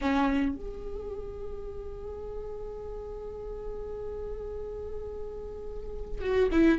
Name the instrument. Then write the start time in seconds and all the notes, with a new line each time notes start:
viola
0.01 C#4
0.55 G#4
6.20 F#4
6.51 E4